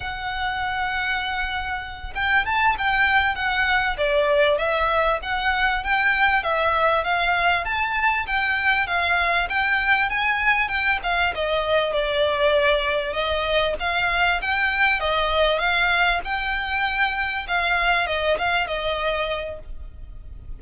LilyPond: \new Staff \with { instrumentName = "violin" } { \time 4/4 \tempo 4 = 98 fis''2.~ fis''8 g''8 | a''8 g''4 fis''4 d''4 e''8~ | e''8 fis''4 g''4 e''4 f''8~ | f''8 a''4 g''4 f''4 g''8~ |
g''8 gis''4 g''8 f''8 dis''4 d''8~ | d''4. dis''4 f''4 g''8~ | g''8 dis''4 f''4 g''4.~ | g''8 f''4 dis''8 f''8 dis''4. | }